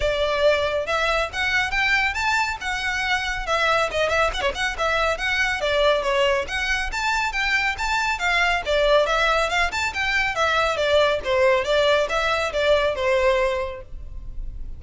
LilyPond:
\new Staff \with { instrumentName = "violin" } { \time 4/4 \tempo 4 = 139 d''2 e''4 fis''4 | g''4 a''4 fis''2 | e''4 dis''8 e''8 fis''16 cis''16 fis''8 e''4 | fis''4 d''4 cis''4 fis''4 |
a''4 g''4 a''4 f''4 | d''4 e''4 f''8 a''8 g''4 | e''4 d''4 c''4 d''4 | e''4 d''4 c''2 | }